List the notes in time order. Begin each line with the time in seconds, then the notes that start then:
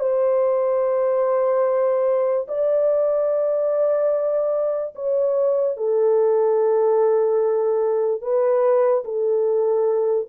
0.00 C5
2.48 D5
4.95 C#5
5.77 A4
8.22 B4
9.04 A4